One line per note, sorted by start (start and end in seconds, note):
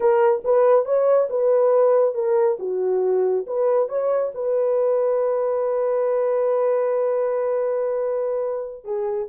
0.00 0.42 A#4
0.44 0.85 B4
0.85 1.28 C#5
1.29 2.14 B4
2.14 2.57 A#4
2.59 3.45 F#4
3.46 3.88 B4
3.88 4.32 C#5
4.34 8.84 B4
8.84 9.27 G#4